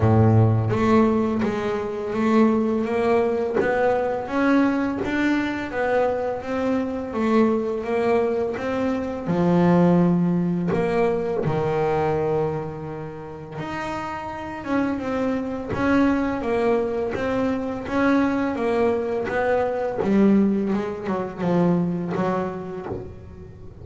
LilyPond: \new Staff \with { instrumentName = "double bass" } { \time 4/4 \tempo 4 = 84 a,4 a4 gis4 a4 | ais4 b4 cis'4 d'4 | b4 c'4 a4 ais4 | c'4 f2 ais4 |
dis2. dis'4~ | dis'8 cis'8 c'4 cis'4 ais4 | c'4 cis'4 ais4 b4 | g4 gis8 fis8 f4 fis4 | }